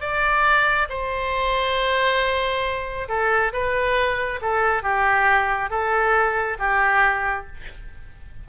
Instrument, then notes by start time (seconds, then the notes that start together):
oboe
0.00 D5
0.89 C5
3.08 A4
3.52 B4
4.41 A4
4.83 G4
5.70 A4
6.58 G4